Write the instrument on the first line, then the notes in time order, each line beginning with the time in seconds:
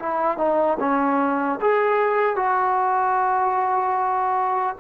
trombone
0.00 E4
0.38 D#4
0.80 C#4
1.61 G#4
2.36 F#4